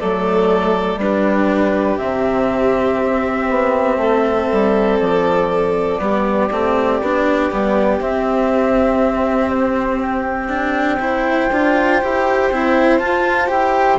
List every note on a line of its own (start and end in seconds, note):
0.00 0.96 F#3
0.00 1.01 A3
0.00 1.00 A4
0.00 1.00 D5
0.96 1.96 G3
0.96 1.99 D4
0.96 1.98 B4
1.03 4.01 G4
1.98 3.00 C3
1.98 5.99 C4
1.98 4.98 E5
3.04 3.50 C4
3.50 3.97 B3
3.97 4.47 A3
3.97 6.01 A4
4.53 5.01 G3
5.00 6.00 F3
5.00 8.00 D5
5.99 6.50 G3
5.99 6.49 B3
5.99 11.01 G4
6.51 7.01 A3
6.51 7.02 C4
7.01 7.51 B3
7.01 7.51 D4
7.51 8.00 G3
7.51 8.01 B3
8.00 11.50 C4
8.00 10.48 C4
8.00 9.50 E5
9.50 10.00 C5
10.02 12.98 G5
10.48 10.98 D4
11.00 11.50 E4
11.00 13.99 C5
11.51 12.01 D4
11.51 12.02 F4
12.02 12.51 E4
12.02 12.52 G4
12.51 13.01 C4
12.51 13.00 E4
12.98 13.47 F4
12.98 13.51 F4
12.98 13.48 A5
13.47 13.99 E4
13.47 13.97 G4
13.47 13.99 G5